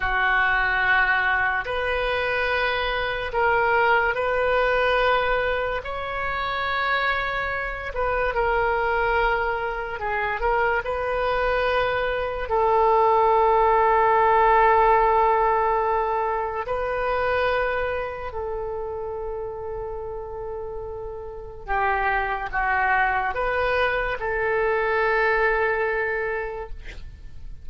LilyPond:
\new Staff \with { instrumentName = "oboe" } { \time 4/4 \tempo 4 = 72 fis'2 b'2 | ais'4 b'2 cis''4~ | cis''4. b'8 ais'2 | gis'8 ais'8 b'2 a'4~ |
a'1 | b'2 a'2~ | a'2 g'4 fis'4 | b'4 a'2. | }